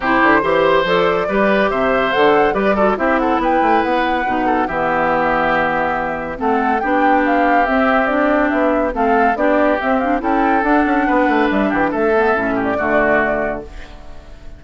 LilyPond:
<<
  \new Staff \with { instrumentName = "flute" } { \time 4/4 \tempo 4 = 141 c''2 d''2 | e''4 fis''4 d''4 e''8 fis''8 | g''4 fis''2 e''4~ | e''2. fis''4 |
g''4 f''4 e''4 d''4 | e''4 f''4 d''4 e''8 f''8 | g''4 fis''2 e''8 fis''16 g''16 | e''4.~ e''16 d''2~ d''16 | }
  \new Staff \with { instrumentName = "oboe" } { \time 4/4 g'4 c''2 b'4 | c''2 b'8 a'8 g'8 a'8 | b'2~ b'8 a'8 g'4~ | g'2. a'4 |
g'1~ | g'4 a'4 g'2 | a'2 b'4. g'8 | a'4. g'8 fis'2 | }
  \new Staff \with { instrumentName = "clarinet" } { \time 4/4 e'4 g'4 a'4 g'4~ | g'4 a'4 g'8 fis'8 e'4~ | e'2 dis'4 b4~ | b2. c'4 |
d'2 c'4 d'4~ | d'4 c'4 d'4 c'8 d'8 | e'4 d'2.~ | d'8 b8 cis'4 a2 | }
  \new Staff \with { instrumentName = "bassoon" } { \time 4/4 c8 d8 e4 f4 g4 | c4 d4 g4 c'4 | b8 a8 b4 b,4 e4~ | e2. a4 |
b2 c'2 | b4 a4 b4 c'4 | cis'4 d'8 cis'8 b8 a8 g8 e8 | a4 a,4 d2 | }
>>